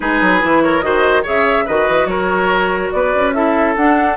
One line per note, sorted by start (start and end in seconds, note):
0.00 0.21 G#3
0.00 0.40 D#4
0.00 0.63 G#4
0.00 0.62 B4
0.21 0.42 F#3
0.40 0.82 E3
0.40 0.82 E4
0.62 0.84 A#4
0.62 0.81 C#5
0.81 1.24 D#3
0.81 1.23 F#4
0.81 1.22 C5
0.81 1.23 D#5
1.22 1.68 C#3
1.22 1.65 G#4
1.22 1.64 C#5
1.22 1.67 E5
1.65 1.88 D#3
1.65 3.34 F#4
1.65 2.07 B4
1.65 2.06 D#5
1.88 2.05 E3
2.05 2.89 F#3
2.05 2.92 A#4
2.05 2.90 C#5
2.91 3.14 B3
2.91 3.35 B4
2.91 3.33 D5
3.14 3.76 C#4
3.33 3.76 E4
3.33 4.16 A4
3.33 3.75 E5
3.76 4.16 D4
3.76 4.16 F#5